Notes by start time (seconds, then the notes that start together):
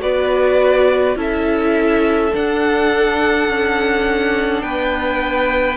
0.00 B3 F#4 B4 D5
1.15 C#4 E4 A4 E5
2.33 D4 F#5
3.48 C#4
4.62 B3 B4 G5